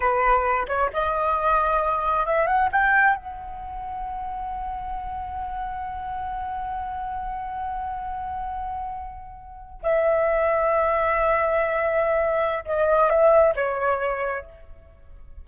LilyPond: \new Staff \with { instrumentName = "flute" } { \time 4/4 \tempo 4 = 133 b'4. cis''8 dis''2~ | dis''4 e''8 fis''8 g''4 fis''4~ | fis''1~ | fis''1~ |
fis''1~ | fis''4.~ fis''16 e''2~ e''16~ | e''1 | dis''4 e''4 cis''2 | }